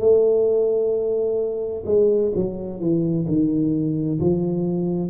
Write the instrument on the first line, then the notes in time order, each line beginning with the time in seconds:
tuba
0.00 A3
1.86 G#3
2.35 F#3
2.80 E3
3.28 D#3
4.20 F3